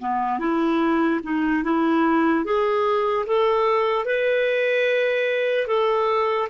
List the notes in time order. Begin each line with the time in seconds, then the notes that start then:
0.00 B3
0.39 E4
1.23 D#4
1.64 E4
2.45 G#4
3.27 A4
4.05 B4
5.68 A4